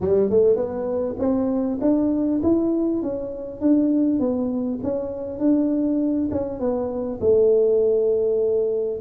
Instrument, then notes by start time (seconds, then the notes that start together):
tuba
0.00 G3
0.29 A3
0.56 B3
1.18 C4
1.81 D4
2.42 E4
3.02 C#4
3.61 D4
4.19 B3
4.83 C#4
5.39 D4
6.31 C#4
6.59 B3
7.20 A3